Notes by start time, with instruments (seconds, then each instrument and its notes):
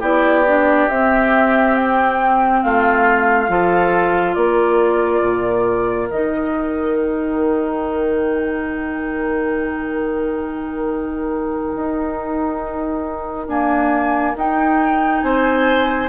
0.00 bassoon B3, clarinet E4, oboe G4, flute D5
0.47 clarinet D4
0.89 bassoon C4, clarinet C4, flute E5
1.76 flute G5
2.63 bassoon A3, oboe F4, flute F5
3.48 bassoon F3, clarinet F4, oboe A4
4.34 bassoon A#3, oboe A#4, flute D5
5.22 bassoon A#2
6.11 bassoon D#3, clarinet D#4, flute D#5
6.97 flute G5
11.76 bassoon D#4
13.47 clarinet A#3, bassoon D4, flute G#5
14.36 bassoon D#4, clarinet D#4, flute G5
15.22 bassoon C4, oboe C5, flute G#5